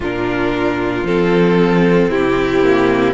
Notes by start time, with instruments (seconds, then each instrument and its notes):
0.00 cello A#2, viola D4, violin F4 A#4
1.03 cello F3, viola C4, violin A4
2.09 cello C3, violin E4 G4
2.63 viola A#3